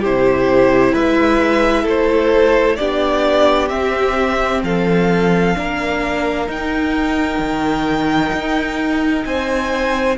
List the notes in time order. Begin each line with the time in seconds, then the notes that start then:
0.00 C3 E4 G4 C5
0.92 G#3 B4 E5
1.82 A3 A4 C5
2.76 B3 D4 G4 D5
3.68 C4 E5
4.62 F3 A4 F5
5.55 A#3 D4 A#4
6.46 D#4 G5
7.39 D#3
8.32 D#4
9.24 C4 C5 G#5